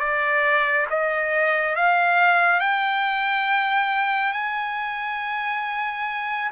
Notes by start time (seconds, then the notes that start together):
0.00 D5
0.90 D#5
1.76 F5
2.60 G5
4.33 G#5